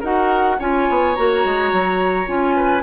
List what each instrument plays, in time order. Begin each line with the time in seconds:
0.00 bassoon D#4, clarinet F#4, oboe A#4, flute F#5
0.59 bassoon C#4, clarinet F4, oboe C#5, flute G#5
0.90 bassoon B3
1.15 bassoon A#3, clarinet F#4, flute A#5
1.45 bassoon G#3
1.72 bassoon F#3
2.26 bassoon C#4, clarinet F4, flute G#5
2.56 oboe B4